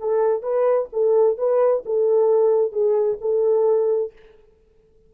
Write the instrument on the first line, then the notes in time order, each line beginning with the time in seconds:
horn
0.00 A4
0.43 B4
0.93 A4
1.38 B4
1.85 A4
2.72 G#4
3.21 A4